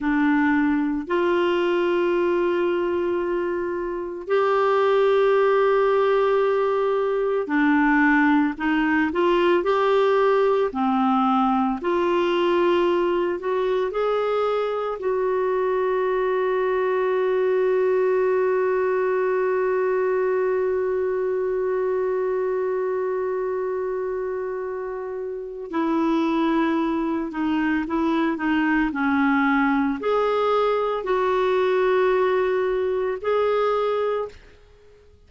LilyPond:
\new Staff \with { instrumentName = "clarinet" } { \time 4/4 \tempo 4 = 56 d'4 f'2. | g'2. d'4 | dis'8 f'8 g'4 c'4 f'4~ | f'8 fis'8 gis'4 fis'2~ |
fis'1~ | fis'1 | e'4. dis'8 e'8 dis'8 cis'4 | gis'4 fis'2 gis'4 | }